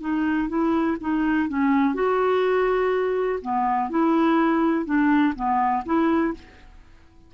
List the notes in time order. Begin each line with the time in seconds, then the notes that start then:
0.00 D#4
0.48 E4
1.01 D#4
1.48 C#4
1.94 F#4
3.41 B3
3.89 E4
4.85 D4
5.35 B3
5.85 E4